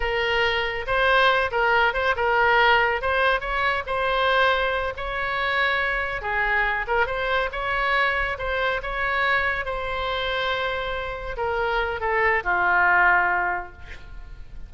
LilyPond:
\new Staff \with { instrumentName = "oboe" } { \time 4/4 \tempo 4 = 140 ais'2 c''4. ais'8~ | ais'8 c''8 ais'2 c''4 | cis''4 c''2~ c''8 cis''8~ | cis''2~ cis''8 gis'4. |
ais'8 c''4 cis''2 c''8~ | c''8 cis''2 c''4.~ | c''2~ c''8 ais'4. | a'4 f'2. | }